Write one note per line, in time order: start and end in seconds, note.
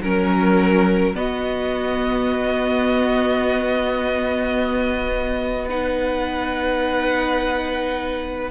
0.00 1.13 F#3
0.00 1.15 C#4
0.00 1.15 A#4
1.14 8.50 B3
1.14 5.67 B3
1.14 5.68 F#4
1.14 5.68 D#5
5.68 8.50 D#4
5.68 8.50 B4
5.68 8.50 F#5